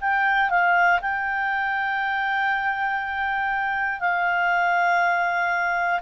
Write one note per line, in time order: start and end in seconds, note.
0.00 0.49 G5
0.49 0.99 F5
1.01 4.00 G5
4.00 6.00 F5